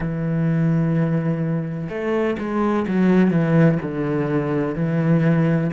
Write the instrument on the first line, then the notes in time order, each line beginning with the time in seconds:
cello
0.00 E3
1.89 A3
2.38 G#3
2.87 F#3
3.31 E3
3.82 D3
4.75 E3